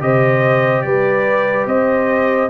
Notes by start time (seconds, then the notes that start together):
0.00 C3 G4 C5 D#5
0.82 G3 B4 D5
1.67 C4 C5 D#5